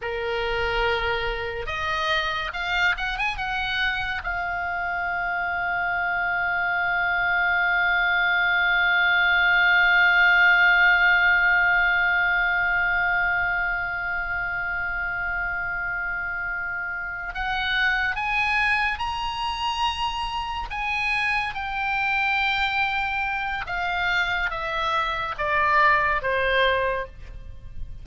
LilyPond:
\new Staff \with { instrumentName = "oboe" } { \time 4/4 \tempo 4 = 71 ais'2 dis''4 f''8 fis''16 gis''16 | fis''4 f''2.~ | f''1~ | f''1~ |
f''1~ | f''8 fis''4 gis''4 ais''4.~ | ais''8 gis''4 g''2~ g''8 | f''4 e''4 d''4 c''4 | }